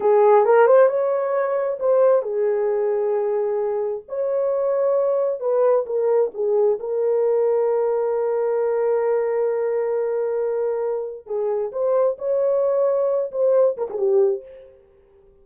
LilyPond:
\new Staff \with { instrumentName = "horn" } { \time 4/4 \tempo 4 = 133 gis'4 ais'8 c''8 cis''2 | c''4 gis'2.~ | gis'4 cis''2. | b'4 ais'4 gis'4 ais'4~ |
ais'1~ | ais'1~ | ais'4 gis'4 c''4 cis''4~ | cis''4. c''4 ais'16 gis'16 g'4 | }